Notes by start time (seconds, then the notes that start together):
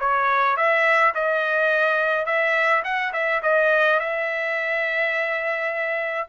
0.00 C#5
0.57 E5
1.15 D#5
2.26 E5
2.85 F#5
3.14 E5
3.43 D#5
4.00 E5